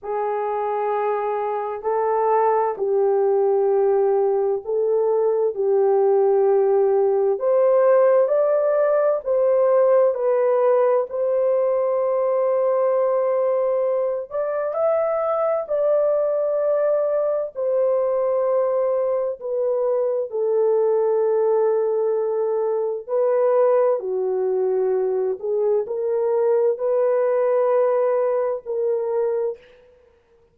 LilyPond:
\new Staff \with { instrumentName = "horn" } { \time 4/4 \tempo 4 = 65 gis'2 a'4 g'4~ | g'4 a'4 g'2 | c''4 d''4 c''4 b'4 | c''2.~ c''8 d''8 |
e''4 d''2 c''4~ | c''4 b'4 a'2~ | a'4 b'4 fis'4. gis'8 | ais'4 b'2 ais'4 | }